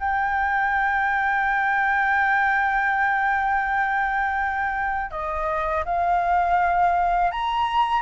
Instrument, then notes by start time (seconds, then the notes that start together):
flute
0.00 G5
5.11 D#5
5.85 F5
7.31 A#5